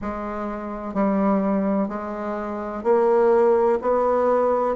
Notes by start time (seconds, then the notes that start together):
0.01 G#3
0.94 G3
1.88 G#3
2.83 A#3
3.81 B3